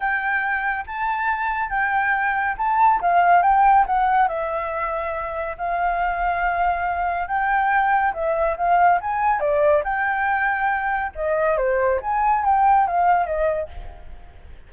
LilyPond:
\new Staff \with { instrumentName = "flute" } { \time 4/4 \tempo 4 = 140 g''2 a''2 | g''2 a''4 f''4 | g''4 fis''4 e''2~ | e''4 f''2.~ |
f''4 g''2 e''4 | f''4 gis''4 d''4 g''4~ | g''2 dis''4 c''4 | gis''4 g''4 f''4 dis''4 | }